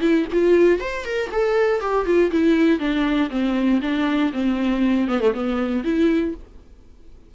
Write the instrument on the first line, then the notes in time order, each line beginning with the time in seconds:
viola
0.00 E4
0.32 F4
0.80 C5
1.05 A#4
1.31 A4
1.80 G4
2.05 F4
2.31 E4
2.79 D4
3.30 C4
3.81 D4
4.32 C4
5.07 B3
5.20 A3
5.33 B3
5.84 E4